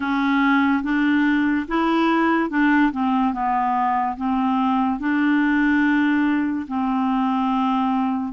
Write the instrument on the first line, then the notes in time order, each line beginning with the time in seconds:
clarinet
0.00 C#4
0.83 D4
1.67 E4
2.50 D4
2.92 C4
3.33 B3
4.16 C4
4.99 D4
6.67 C4